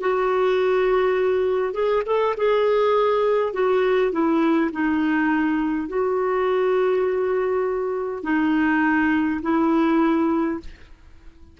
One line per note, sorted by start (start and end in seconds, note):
0.00 1.73 F#4
1.73 2.03 G#4
2.06 2.35 A4
2.36 3.53 G#4
3.53 4.12 F#4
4.12 4.71 E4
4.72 5.88 D#4
5.88 8.23 F#4
8.23 9.41 D#4
9.42 10.59 E4